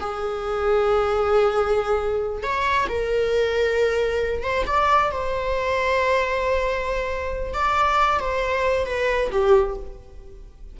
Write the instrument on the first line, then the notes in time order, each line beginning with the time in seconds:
viola
0.00 G#4
2.43 C#5
2.88 A#4
4.43 C5
4.66 D5
5.11 C5
7.54 D5
8.20 C5
8.86 B4
9.32 G4